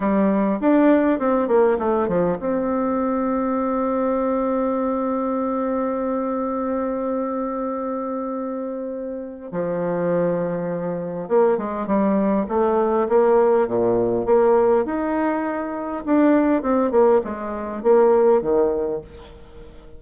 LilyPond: \new Staff \with { instrumentName = "bassoon" } { \time 4/4 \tempo 4 = 101 g4 d'4 c'8 ais8 a8 f8 | c'1~ | c'1~ | c'1 |
f2. ais8 gis8 | g4 a4 ais4 ais,4 | ais4 dis'2 d'4 | c'8 ais8 gis4 ais4 dis4 | }